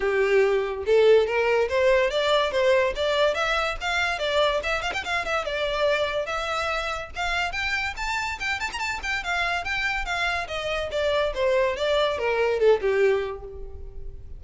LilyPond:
\new Staff \with { instrumentName = "violin" } { \time 4/4 \tempo 4 = 143 g'2 a'4 ais'4 | c''4 d''4 c''4 d''4 | e''4 f''4 d''4 e''8 f''16 g''16 | f''8 e''8 d''2 e''4~ |
e''4 f''4 g''4 a''4 | g''8 a''16 ais''16 a''8 g''8 f''4 g''4 | f''4 dis''4 d''4 c''4 | d''4 ais'4 a'8 g'4. | }